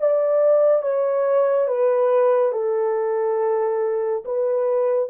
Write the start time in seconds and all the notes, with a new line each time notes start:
0.00 D5
0.82 C#5
1.68 B4
2.52 A4
4.25 B4